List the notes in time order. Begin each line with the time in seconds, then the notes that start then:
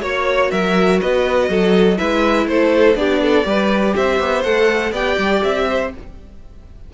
0.00 A#3 F#4 C#5
0.51 F#3 A#4 E5
1.00 B3 B4 D#5
1.49 F#3 A4
1.97 G#3 E4 B4 E5
2.46 A3 A4 C5
2.95 B3 D4 G4 D5
3.22 A4
3.45 G3 G4 B4
3.96 C4 C5 E5
4.20 B3
4.43 A3 A4 F#5
4.92 B3 G4 D5 G5
5.18 G3
5.43 C4 E5
5.69 C5